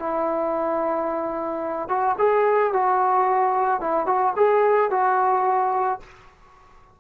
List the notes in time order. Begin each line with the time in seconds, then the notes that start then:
0.00 E4
1.89 F#4
2.19 G#4
2.73 F#4
3.81 E4
4.07 F#4
4.36 G#4
4.91 F#4